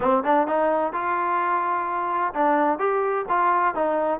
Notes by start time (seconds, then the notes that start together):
0.00 C4
0.23 D4
0.47 D#4
0.93 F4
2.34 D4
2.78 G4
3.29 F4
3.75 D#4